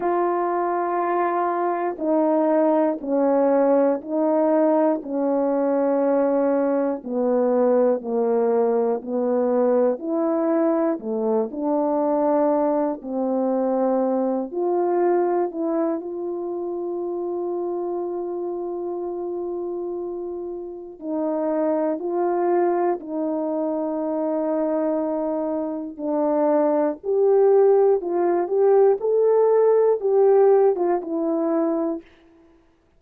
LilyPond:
\new Staff \with { instrumentName = "horn" } { \time 4/4 \tempo 4 = 60 f'2 dis'4 cis'4 | dis'4 cis'2 b4 | ais4 b4 e'4 a8 d'8~ | d'4 c'4. f'4 e'8 |
f'1~ | f'4 dis'4 f'4 dis'4~ | dis'2 d'4 g'4 | f'8 g'8 a'4 g'8. f'16 e'4 | }